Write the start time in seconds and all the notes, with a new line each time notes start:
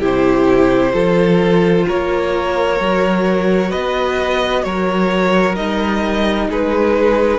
0.00 C3 E4 G4 C5
0.92 F3 F4 A4
1.87 A#3 A#4 C#5
2.80 F#3 F#4
3.69 B3 B4 D#5
4.63 F#3 A#4 C#5
5.55 G3 D#4 D#5
6.49 G#3 G#4 B4